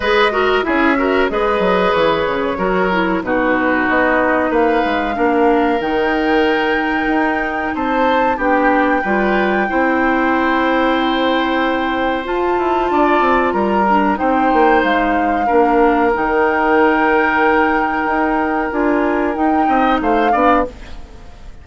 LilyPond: <<
  \new Staff \with { instrumentName = "flute" } { \time 4/4 \tempo 4 = 93 dis''4 e''4 dis''4 cis''4~ | cis''4 b'4 dis''4 f''4~ | f''4 g''2. | a''4 g''2.~ |
g''2. a''4~ | a''4 ais''4 g''4 f''4~ | f''4 g''2.~ | g''4 gis''4 g''4 f''4 | }
  \new Staff \with { instrumentName = "oboe" } { \time 4/4 b'8 ais'8 gis'8 ais'8 b'2 | ais'4 fis'2 b'4 | ais'1 | c''4 g'4 b'4 c''4~ |
c''1 | d''4 ais'4 c''2 | ais'1~ | ais'2~ ais'8 dis''8 c''8 d''8 | }
  \new Staff \with { instrumentName = "clarinet" } { \time 4/4 gis'8 fis'8 e'8 fis'8 gis'2 | fis'8 e'8 dis'2. | d'4 dis'2.~ | dis'4 d'4 f'4 e'4~ |
e'2. f'4~ | f'4. d'8 dis'2 | d'4 dis'2.~ | dis'4 f'4 dis'4. d'8 | }
  \new Staff \with { instrumentName = "bassoon" } { \time 4/4 gis4 cis'4 gis8 fis8 e8 cis8 | fis4 b,4 b4 ais8 gis8 | ais4 dis2 dis'4 | c'4 b4 g4 c'4~ |
c'2. f'8 e'8 | d'8 c'8 g4 c'8 ais8 gis4 | ais4 dis2. | dis'4 d'4 dis'8 c'8 a8 b8 | }
>>